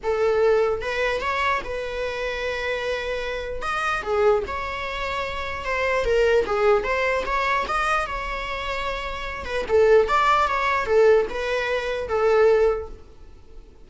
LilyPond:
\new Staff \with { instrumentName = "viola" } { \time 4/4 \tempo 4 = 149 a'2 b'4 cis''4 | b'1~ | b'4 dis''4 gis'4 cis''4~ | cis''2 c''4 ais'4 |
gis'4 c''4 cis''4 dis''4 | cis''2.~ cis''8 b'8 | a'4 d''4 cis''4 a'4 | b'2 a'2 | }